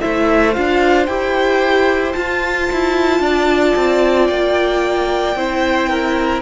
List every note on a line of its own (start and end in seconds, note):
0.00 0.57 A3
0.00 0.54 E4
0.00 3.23 C5
0.00 0.53 E5
0.53 1.07 D4
0.53 1.07 F4
0.53 1.06 F5
1.06 2.15 E4
1.06 2.15 G4
1.06 2.13 G5
2.13 5.36 F4
2.13 2.70 F4
2.13 4.27 A5
2.72 3.20 E4
3.20 3.73 D4
3.20 5.37 D5
3.76 4.29 C4
4.27 5.35 A#3
4.27 6.41 G5
5.35 6.42 C4
5.35 6.42 E4
5.35 5.89 C5
5.89 6.42 A#4